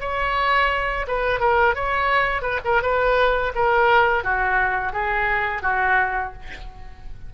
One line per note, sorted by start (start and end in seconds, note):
0.00 1.06 C#5
1.07 1.40 B4
1.40 1.75 A#4
1.75 2.42 C#5
2.42 2.59 B4
2.64 2.82 A#4
2.82 3.52 B4
3.55 4.24 A#4
4.24 4.92 F#4
4.92 5.62 G#4
5.62 6.33 F#4